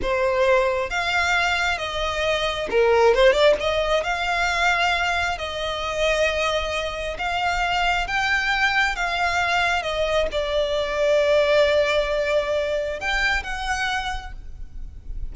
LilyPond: \new Staff \with { instrumentName = "violin" } { \time 4/4 \tempo 4 = 134 c''2 f''2 | dis''2 ais'4 c''8 d''8 | dis''4 f''2. | dis''1 |
f''2 g''2 | f''2 dis''4 d''4~ | d''1~ | d''4 g''4 fis''2 | }